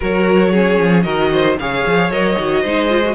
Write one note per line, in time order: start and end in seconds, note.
0.00 0.79 F#3
0.00 0.53 F#4
0.00 0.51 A#4
0.00 1.03 C#5
0.51 1.04 C#4
0.51 1.03 G#4
0.79 1.05 F3
1.03 1.57 D#3
1.03 1.56 F#4
1.03 1.30 A#4
1.03 1.55 D#5
1.32 1.58 C5
1.58 1.85 C#3
1.58 2.11 G#4
1.58 2.61 C#5
1.58 2.11 F5
1.86 2.10 F3
2.10 2.36 F#3
2.10 2.37 A#4
2.10 3.14 D#5
2.38 2.64 D#3
2.38 2.64 F#4
2.61 3.14 G#3
2.61 2.89 D#4
2.61 3.14 C5
2.89 3.02 F4
3.05 3.14 F#4